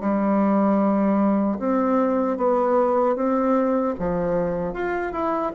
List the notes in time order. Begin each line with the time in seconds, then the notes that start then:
0.00 G3
1.59 C4
2.37 B3
3.15 C4
3.99 F3
4.73 F4
5.12 E4